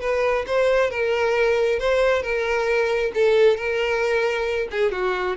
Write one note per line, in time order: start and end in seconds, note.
0.00 0.45 B4
0.46 0.90 C5
0.90 1.79 A#4
1.79 2.22 C5
2.22 3.12 A#4
3.14 3.56 A4
3.56 4.68 A#4
4.71 4.91 G#4
4.91 5.36 F#4